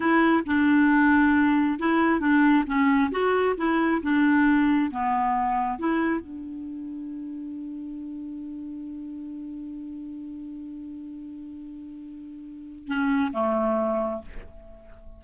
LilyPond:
\new Staff \with { instrumentName = "clarinet" } { \time 4/4 \tempo 4 = 135 e'4 d'2. | e'4 d'4 cis'4 fis'4 | e'4 d'2 b4~ | b4 e'4 d'2~ |
d'1~ | d'1~ | d'1~ | d'4 cis'4 a2 | }